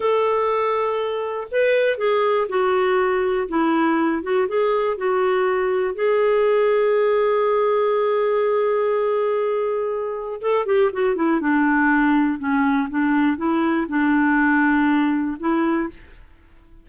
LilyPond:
\new Staff \with { instrumentName = "clarinet" } { \time 4/4 \tempo 4 = 121 a'2. b'4 | gis'4 fis'2 e'4~ | e'8 fis'8 gis'4 fis'2 | gis'1~ |
gis'1~ | gis'4 a'8 g'8 fis'8 e'8 d'4~ | d'4 cis'4 d'4 e'4 | d'2. e'4 | }